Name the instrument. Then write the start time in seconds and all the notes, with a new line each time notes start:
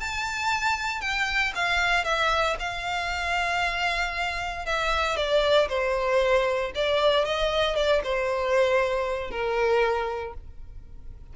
violin
0.00 A5
1.01 G5
1.55 F5
2.05 E5
2.60 F5
4.66 E5
5.17 D5
5.69 C5
6.75 D5
7.25 D#5
7.76 D5
8.04 C5
9.31 A#4